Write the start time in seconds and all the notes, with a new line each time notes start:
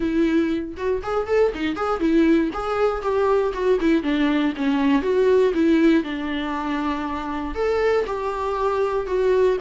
0.00 E4
0.77 F#4
1.02 G#4
1.27 A4
1.54 D#4
1.76 G#4
2.00 E4
2.53 G#4
3.02 G4
3.53 F#4
3.80 E4
4.02 D4
4.56 C#4
5.02 F#4
5.53 E4
6.03 D4
7.54 A4
8.06 G4
9.06 F#4